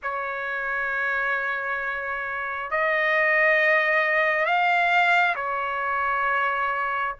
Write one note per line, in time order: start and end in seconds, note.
0.02 2.70 C#5
2.70 4.45 D#5
4.45 5.35 F5
5.35 7.14 C#5